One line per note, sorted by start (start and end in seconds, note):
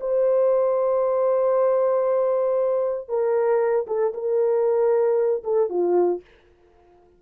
0.00 3.08 C5
3.08 3.86 A#4
3.87 4.12 A4
4.13 5.43 A#4
5.43 5.69 A4
5.69 6.21 F4